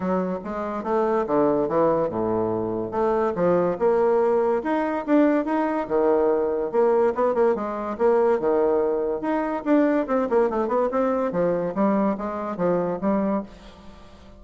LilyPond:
\new Staff \with { instrumentName = "bassoon" } { \time 4/4 \tempo 4 = 143 fis4 gis4 a4 d4 | e4 a,2 a4 | f4 ais2 dis'4 | d'4 dis'4 dis2 |
ais4 b8 ais8 gis4 ais4 | dis2 dis'4 d'4 | c'8 ais8 a8 b8 c'4 f4 | g4 gis4 f4 g4 | }